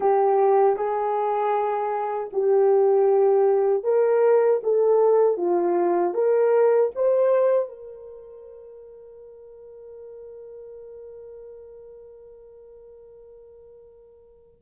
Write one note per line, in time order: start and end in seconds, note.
0.00 0.76 G4
0.76 2.30 G#4
2.32 3.83 G4
3.83 4.60 A#4
4.63 5.37 A4
5.37 6.14 F4
6.14 6.91 A#4
6.95 7.68 C5
7.68 14.60 A#4